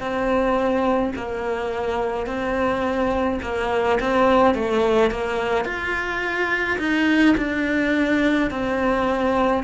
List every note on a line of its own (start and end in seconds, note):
0.00 1.13 C4
1.16 2.26 A#3
2.26 3.39 C4
3.42 3.99 A#3
4.00 4.54 C4
4.54 5.10 A3
5.10 5.64 A#3
5.64 6.78 F4
6.78 7.35 D#4
7.37 8.50 D4
8.50 9.63 C4